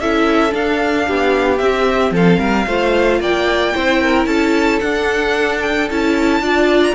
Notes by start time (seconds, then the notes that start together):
0.00 C#4 E4 A4 E5
0.51 D4 F5
1.07 B3 G4
1.58 C4 E5
2.11 F3 A4 F5
2.39 G3 A#4
2.67 A3 F4 C5
3.20 A#3 D5 G5
3.75 C4 E4 C5
4.02 A#4
4.26 C#4 A4 A5
4.81 D4 F#5
5.62 G5
5.91 C#4 E4 A5
6.41 D4 F4 D5
6.84 A#5